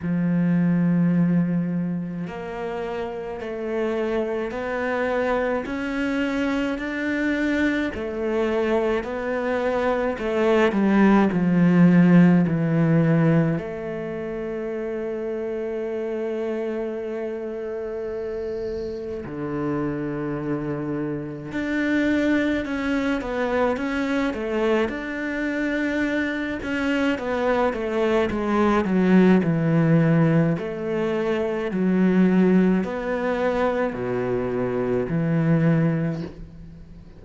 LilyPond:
\new Staff \with { instrumentName = "cello" } { \time 4/4 \tempo 4 = 53 f2 ais4 a4 | b4 cis'4 d'4 a4 | b4 a8 g8 f4 e4 | a1~ |
a4 d2 d'4 | cis'8 b8 cis'8 a8 d'4. cis'8 | b8 a8 gis8 fis8 e4 a4 | fis4 b4 b,4 e4 | }